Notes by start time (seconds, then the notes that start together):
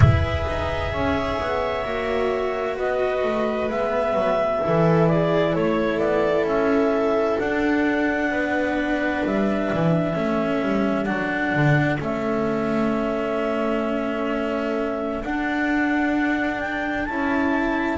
0.00 E4 G#4 B4 E5
0.47 D#4
0.92 C#4 C#5
1.40 B3
1.84 A#3 F#4
2.76 B3 B4 D#5
3.23 A3
3.69 G#3 B3 E5
4.13 F#3
4.62 E3 E4 A4
5.08 G#4 D5
5.53 A3 A4 C#5
5.98 B3 D5
6.44 C#4 E5
7.39 D4 F#5
8.31 B3 B4
9.24 G3 E5
9.73 E3
10.13 A3 C#4 A4
10.61 G3
11.04 F#3 D4 F#5
11.54 D3
11.99 A3 C#4 E5
15.23 D4 F#5
16.59 G5
17.05 C#4 E4 A5